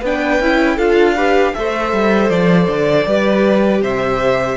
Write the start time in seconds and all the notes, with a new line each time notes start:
0.00 B3 D4 B4 G5
0.39 C#4 E4
0.76 D4 F4 A4 F5
1.16 G4 B4
1.54 A3 A4 C5 E5
1.92 G3
2.29 F3 D5
2.67 D3
3.06 G3 G4 B4
3.82 C3 C5 E5